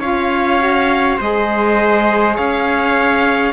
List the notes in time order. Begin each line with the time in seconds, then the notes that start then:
0.00 C#4 F4 C#5 F5
0.59 F#4
1.17 G#3 G#4 C5 D#5
2.35 C#4 C#5 F5